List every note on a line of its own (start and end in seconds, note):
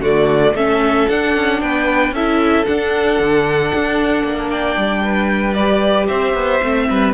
0.00 0.53 D3
0.00 0.55 A3
0.00 0.54 F#4
0.00 0.56 D5
0.54 1.06 A3
0.54 1.09 C#4
0.54 1.61 A4
0.54 1.09 E5
1.09 2.15 D4
1.09 1.36 D4
1.09 1.61 F#5
1.36 1.62 C#4
1.61 2.11 B3
1.61 2.14 B4
1.61 2.14 G5
2.11 2.64 C#4
2.11 2.66 E4
2.11 4.50 A4
2.11 2.65 E5
2.65 5.56 D4
2.65 3.20 D4
2.65 4.50 F#5
3.20 3.72 D3
3.75 4.23 D4
4.23 4.76 A#3
4.50 5.03 D5
4.50 5.54 G5
4.77 6.08 G3
5.03 6.07 B4
5.54 6.61 G4
5.54 6.06 D5
6.07 6.34 C4
6.07 6.86 C5
6.07 7.13 E5
6.34 6.60 B3
6.63 6.89 A3
6.63 7.14 C4
6.89 7.14 G3
6.89 7.14 B4